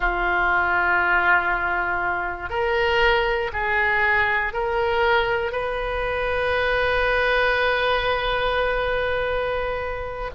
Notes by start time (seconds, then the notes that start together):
0.00 F4
2.49 A#4
3.52 G#4
4.53 A#4
5.52 B4